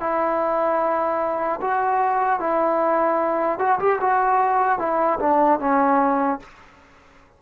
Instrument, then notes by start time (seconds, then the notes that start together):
trombone
0.00 E4
1.61 F#4
2.40 E4
3.59 F#4
3.79 G4
4.01 F#4
4.79 E4
5.20 D4
5.59 C#4